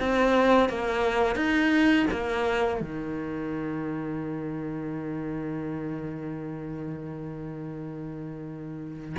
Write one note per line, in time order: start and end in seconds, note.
0.00 0.70 C4
0.70 1.36 A#3
1.36 2.06 D#4
2.11 2.81 A#3
2.81 9.16 D#3